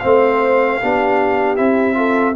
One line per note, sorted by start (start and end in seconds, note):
0.00 0.82 A3
0.00 0.81 C4
0.00 0.80 C5
0.00 1.56 F5
0.81 1.59 B3
0.81 1.57 D4
0.81 1.97 G4
1.56 2.36 C4
1.56 1.94 E4
1.56 2.34 E5
1.94 2.33 F4
1.94 2.36 A4